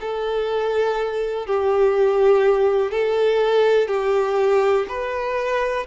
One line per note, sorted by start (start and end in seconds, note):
0.00 1.46 A4
1.46 2.91 G4
2.91 3.88 A4
3.88 4.86 G4
4.88 5.87 B4